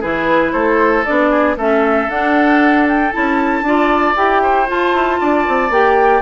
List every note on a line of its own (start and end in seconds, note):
0.00 0.53 E3
0.00 1.05 E4
0.00 0.52 G#4
0.00 0.52 B4
0.52 1.05 A3
0.52 1.30 A4
0.52 1.04 C5
1.05 1.56 B3
1.05 1.57 D4
1.05 1.56 D5
1.30 1.56 G#4
1.56 2.08 A3
1.56 2.10 C#4
1.56 3.64 A4
1.56 2.10 E5
2.09 3.12 D4
2.09 2.87 F#5
2.88 3.12 G5
3.12 3.62 C#4
3.12 3.64 E4
3.12 4.15 A5
3.62 4.13 D4
3.62 4.16 F4
3.62 4.42 D5
4.16 4.69 E4
4.16 4.67 G4
4.16 4.68 G5
4.42 5.20 C5
4.67 5.70 F4
4.67 4.93 F4
4.67 5.73 A5
4.93 5.19 E4
5.20 5.47 D4
5.20 6.22 D5
5.48 5.70 C4
5.70 6.22 A#3
5.70 6.22 G4
5.70 6.22 G5